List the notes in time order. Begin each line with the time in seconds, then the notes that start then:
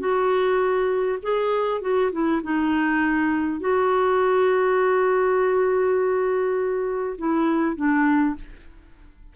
0.00 F#4
1.23 G#4
1.82 F#4
2.12 E4
2.43 D#4
3.60 F#4
7.19 E4
7.76 D4